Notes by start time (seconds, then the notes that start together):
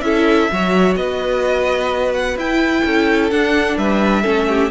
0.00 C#4 E4 A4 E5
0.51 F#3 F#4 C#5
0.96 B3 B4 D#5
2.14 F#5
2.36 E4 G5
2.84 C#4 A4
3.30 D4 F#5
3.77 G3 B4 E5
4.22 A3 C#4 A4
4.48 G4